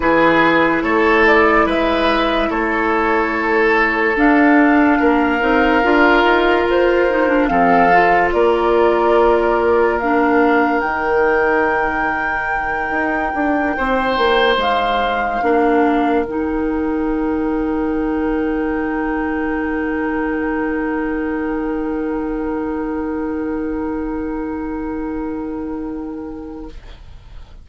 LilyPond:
<<
  \new Staff \with { instrumentName = "flute" } { \time 4/4 \tempo 4 = 72 b'4 cis''8 d''8 e''4 cis''4~ | cis''4 f''2. | c''4 f''4 d''2 | f''4 g''2.~ |
g''4. f''2 g''8~ | g''1~ | g''1~ | g''1 | }
  \new Staff \with { instrumentName = "oboe" } { \time 4/4 gis'4 a'4 b'4 a'4~ | a'2 ais'2~ | ais'4 a'4 ais'2~ | ais'1~ |
ais'8 c''2 ais'4.~ | ais'1~ | ais'1~ | ais'1 | }
  \new Staff \with { instrumentName = "clarinet" } { \time 4/4 e'1~ | e'4 d'4. dis'8 f'4~ | f'8 dis'16 d'16 c'8 f'2~ f'8 | d'4 dis'2.~ |
dis'2~ dis'8 d'4 dis'8~ | dis'1~ | dis'1~ | dis'1 | }
  \new Staff \with { instrumentName = "bassoon" } { \time 4/4 e4 a4 gis4 a4~ | a4 d'4 ais8 c'8 d'8 dis'8 | f'4 f4 ais2~ | ais4 dis2~ dis8 dis'8 |
d'8 c'8 ais8 gis4 ais4 dis8~ | dis1~ | dis1~ | dis1 | }
>>